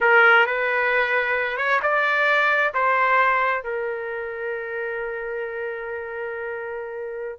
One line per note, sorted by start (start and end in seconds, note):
0.00 0.46 A#4
0.46 1.57 B4
1.57 1.80 C#5
1.82 2.73 D5
2.74 3.63 C5
3.63 7.38 A#4